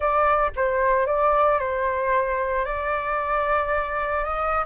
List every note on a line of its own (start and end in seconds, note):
0.00 0.50 D5
0.56 1.06 C5
1.06 1.59 D5
1.59 2.65 C5
2.65 4.24 D5
4.24 4.64 D#5